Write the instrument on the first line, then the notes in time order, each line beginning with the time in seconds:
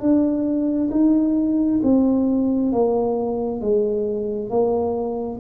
tuba
0.00 D4
0.91 D#4
1.83 C4
2.72 A#3
3.61 G#3
4.50 A#3